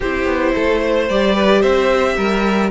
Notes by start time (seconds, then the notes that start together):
0.00 C4 E4 G4 C5
0.24 B3
0.54 A3 A4
0.80 C5
1.09 G3 G4 D5
1.35 B4
1.60 C4 C5 E5
2.16 G3 A#4